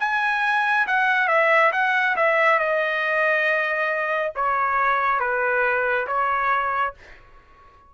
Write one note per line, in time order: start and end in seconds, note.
0.00 0.87 G#5
0.87 1.28 F#5
1.28 1.72 E5
1.73 2.16 F#5
2.17 2.59 E5
2.59 4.33 D#5
4.36 5.20 C#5
5.20 6.07 B4
6.08 6.94 C#5